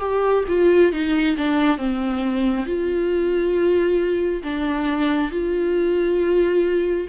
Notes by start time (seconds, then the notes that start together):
0.00 G4
0.49 F4
0.93 D#4
1.37 D4
1.78 C4
2.66 F4
4.43 D4
5.31 F4